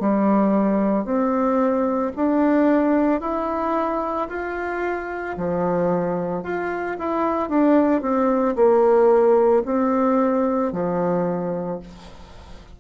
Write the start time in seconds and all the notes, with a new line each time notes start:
0.00 G3
1.05 C4
2.16 D4
3.21 E4
4.29 F4
5.37 F3
6.43 F4
6.99 E4
7.49 D4
8.02 C4
8.56 A#3
9.65 C4
10.72 F3